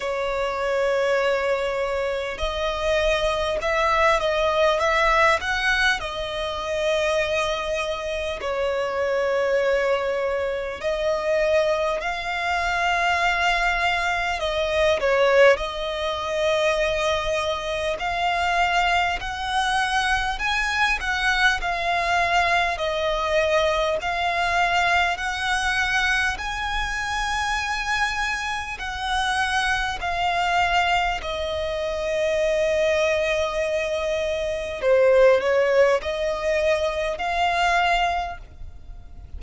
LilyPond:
\new Staff \with { instrumentName = "violin" } { \time 4/4 \tempo 4 = 50 cis''2 dis''4 e''8 dis''8 | e''8 fis''8 dis''2 cis''4~ | cis''4 dis''4 f''2 | dis''8 cis''8 dis''2 f''4 |
fis''4 gis''8 fis''8 f''4 dis''4 | f''4 fis''4 gis''2 | fis''4 f''4 dis''2~ | dis''4 c''8 cis''8 dis''4 f''4 | }